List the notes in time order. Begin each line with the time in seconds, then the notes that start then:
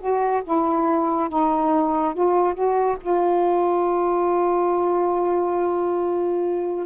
0.00 F#4
0.44 E4
1.29 D#4
2.15 F4
2.54 F#4
3.01 F4